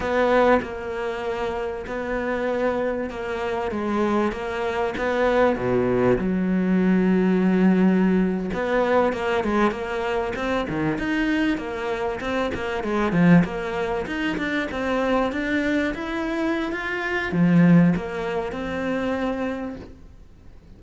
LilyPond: \new Staff \with { instrumentName = "cello" } { \time 4/4 \tempo 4 = 97 b4 ais2 b4~ | b4 ais4 gis4 ais4 | b4 b,4 fis2~ | fis4.~ fis16 b4 ais8 gis8 ais16~ |
ais8. c'8 dis8 dis'4 ais4 c'16~ | c'16 ais8 gis8 f8 ais4 dis'8 d'8 c'16~ | c'8. d'4 e'4~ e'16 f'4 | f4 ais4 c'2 | }